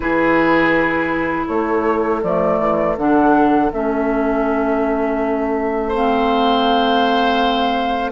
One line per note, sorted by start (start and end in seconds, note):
0.00 1.46 E3
0.00 2.22 E4
0.00 1.47 G#4
0.00 1.47 B4
1.47 2.23 A3
1.47 5.88 A4
1.47 2.21 C#5
2.22 2.59 F3
2.22 2.97 A3
2.22 2.96 D5
2.59 2.96 E3
2.97 3.71 D3
2.97 3.71 D4
2.97 3.72 F#5
3.72 8.11 A3
3.72 5.93 C#4
3.72 5.93 E5
5.88 8.11 C4
5.88 8.10 C5
5.88 8.11 F5